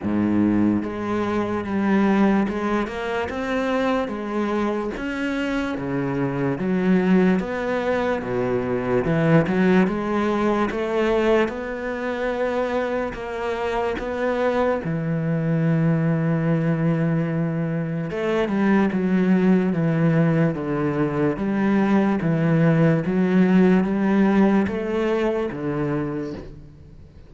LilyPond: \new Staff \with { instrumentName = "cello" } { \time 4/4 \tempo 4 = 73 gis,4 gis4 g4 gis8 ais8 | c'4 gis4 cis'4 cis4 | fis4 b4 b,4 e8 fis8 | gis4 a4 b2 |
ais4 b4 e2~ | e2 a8 g8 fis4 | e4 d4 g4 e4 | fis4 g4 a4 d4 | }